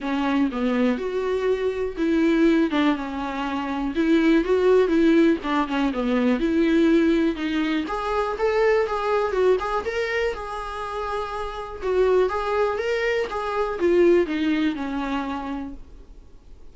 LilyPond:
\new Staff \with { instrumentName = "viola" } { \time 4/4 \tempo 4 = 122 cis'4 b4 fis'2 | e'4. d'8 cis'2 | e'4 fis'4 e'4 d'8 cis'8 | b4 e'2 dis'4 |
gis'4 a'4 gis'4 fis'8 gis'8 | ais'4 gis'2. | fis'4 gis'4 ais'4 gis'4 | f'4 dis'4 cis'2 | }